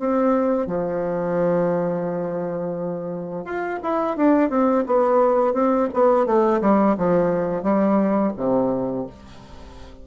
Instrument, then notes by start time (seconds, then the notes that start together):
bassoon
0.00 C4
0.67 F3
3.45 F4
3.83 E4
4.17 D4
4.50 C4
4.86 B3
5.54 C4
5.94 B3
6.26 A3
6.61 G3
6.98 F3
7.63 G3
8.37 C3